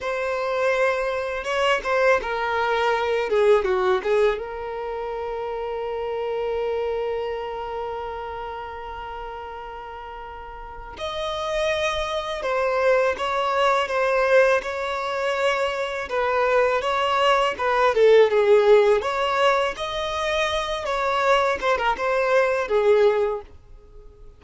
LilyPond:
\new Staff \with { instrumentName = "violin" } { \time 4/4 \tempo 4 = 82 c''2 cis''8 c''8 ais'4~ | ais'8 gis'8 fis'8 gis'8 ais'2~ | ais'1~ | ais'2. dis''4~ |
dis''4 c''4 cis''4 c''4 | cis''2 b'4 cis''4 | b'8 a'8 gis'4 cis''4 dis''4~ | dis''8 cis''4 c''16 ais'16 c''4 gis'4 | }